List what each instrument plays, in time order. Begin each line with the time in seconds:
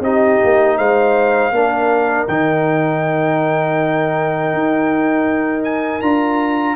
0.00 tuba C4, trombone D#4, horn G4, trumpet D#5
0.44 tuba A#3
0.78 tuba G#3, horn C5, trumpet F5
1.51 tuba A#3, trombone D4, horn A#4
2.27 tuba D#3, trombone D#4, trumpet G5
4.53 tuba D#4
5.64 trumpet G#5
6.01 tuba D4, trombone F4, trumpet A#5